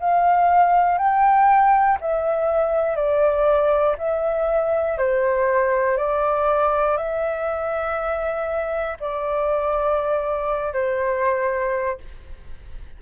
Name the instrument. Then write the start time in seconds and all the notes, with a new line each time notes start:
flute
0.00 F5
0.99 G5
2.01 E5
2.96 D5
3.98 E5
4.99 C5
5.98 D5
6.97 E5
9.00 D5
10.74 C5